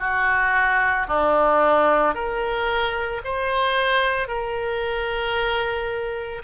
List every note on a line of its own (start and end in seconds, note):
0.00 1.07 F#4
1.08 2.15 D4
2.15 3.22 A#4
3.24 4.28 C5
4.28 6.42 A#4